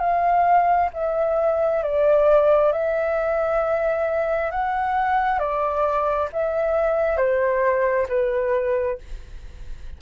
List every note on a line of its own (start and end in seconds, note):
0.00 0.90 F5
0.94 1.83 E5
1.83 2.72 D5
2.72 4.51 E5
4.51 5.39 F#5
5.39 6.28 D5
6.33 7.17 E5
7.17 8.07 C5
8.09 8.98 B4